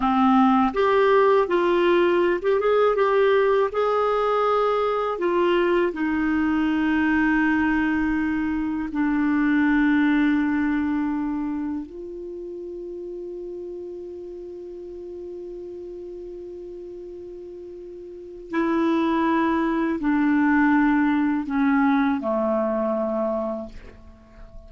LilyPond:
\new Staff \with { instrumentName = "clarinet" } { \time 4/4 \tempo 4 = 81 c'4 g'4 f'4~ f'16 g'16 gis'8 | g'4 gis'2 f'4 | dis'1 | d'1 |
f'1~ | f'1~ | f'4 e'2 d'4~ | d'4 cis'4 a2 | }